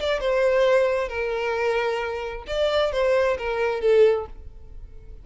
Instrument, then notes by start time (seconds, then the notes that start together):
violin
0.00 D5
0.21 C5
1.09 A#4
2.47 D5
2.92 C5
3.39 A#4
3.81 A4